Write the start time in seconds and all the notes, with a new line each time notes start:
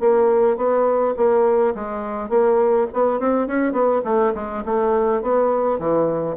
0.00 A#3
0.57 B3
1.17 A#3
1.75 G#3
2.29 A#3
2.93 B3
3.20 C4
3.47 C#4
3.73 B3
4.04 A3
4.35 G#3
4.65 A3
5.22 B3
5.79 E3